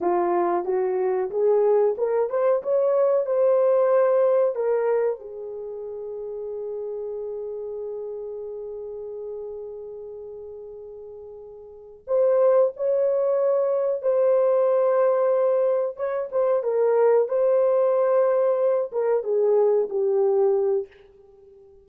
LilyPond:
\new Staff \with { instrumentName = "horn" } { \time 4/4 \tempo 4 = 92 f'4 fis'4 gis'4 ais'8 c''8 | cis''4 c''2 ais'4 | gis'1~ | gis'1~ |
gis'2~ gis'8 c''4 cis''8~ | cis''4. c''2~ c''8~ | c''8 cis''8 c''8 ais'4 c''4.~ | c''4 ais'8 gis'4 g'4. | }